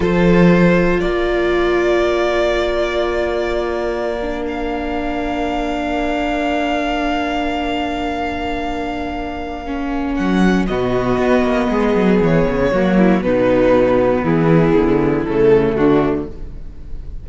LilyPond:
<<
  \new Staff \with { instrumentName = "violin" } { \time 4/4 \tempo 4 = 118 c''2 d''2~ | d''1~ | d''8. f''2.~ f''16~ | f''1~ |
f''1 | fis''4 dis''2. | cis''2 b'2 | gis'2 a'4 fis'4 | }
  \new Staff \with { instrumentName = "violin" } { \time 4/4 a'2 ais'2~ | ais'1~ | ais'1~ | ais'1~ |
ais'1~ | ais'4 fis'2 gis'4~ | gis'4 fis'8 e'8 dis'2 | e'2. d'4 | }
  \new Staff \with { instrumentName = "viola" } { \time 4/4 f'1~ | f'1~ | f'16 d'2.~ d'8.~ | d'1~ |
d'2. cis'4~ | cis'4 b2.~ | b4 ais4 b2~ | b2 a2 | }
  \new Staff \with { instrumentName = "cello" } { \time 4/4 f2 ais2~ | ais1~ | ais1~ | ais1~ |
ais1 | fis4 b,4 b8 ais8 gis8 fis8 | e8 cis8 fis4 b,2 | e4 d4 cis4 d4 | }
>>